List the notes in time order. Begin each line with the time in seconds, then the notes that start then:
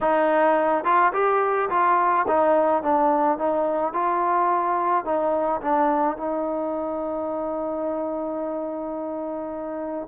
0.00 D#4
0.84 F4
1.13 G4
1.69 F4
2.27 D#4
2.82 D4
3.38 D#4
3.93 F4
5.04 D#4
5.61 D4
6.16 D#4